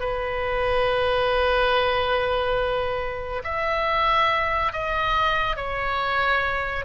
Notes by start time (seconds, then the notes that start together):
0.00 B4
3.44 E5
4.73 D#5
5.57 C#5